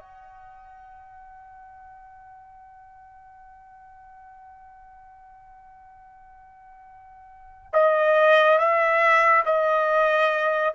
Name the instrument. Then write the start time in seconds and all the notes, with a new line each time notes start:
trumpet
0.00 F#5
7.73 D#5
8.59 E5
9.46 D#5